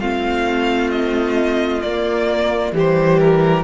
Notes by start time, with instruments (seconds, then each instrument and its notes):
0.00 cello A3, viola C4, violin F4 F5
0.91 violin D#5
1.82 cello A#3, viola A#3, violin D5
2.72 cello E3, viola G3, violin G4
2.79 violin C5
3.20 violin A#4